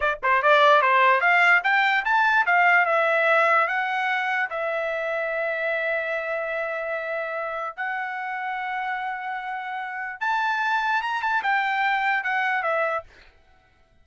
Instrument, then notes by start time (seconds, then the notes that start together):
trumpet
0.00 D5
0.22 C5
0.42 D5
0.81 C5
1.20 F5
1.63 G5
2.04 A5
2.45 F5
2.85 E5
3.67 F#5
4.50 E5
7.76 F#5
10.20 A5
11.02 A#5
11.22 A5
11.42 G5
12.23 F#5
12.63 E5